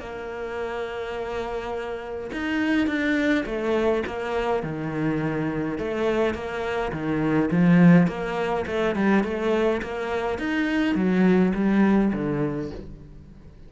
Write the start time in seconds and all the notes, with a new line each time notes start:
0.00 A#3
2.33 D#4
2.87 D4
3.46 A3
4.07 A#3
4.63 D#3
5.78 A3
6.34 A#3
6.93 D#3
7.51 F3
8.08 A#3
8.67 A3
8.96 G3
9.24 A3
9.82 A#3
10.39 D#4
10.95 F#3
11.55 G3
12.13 D3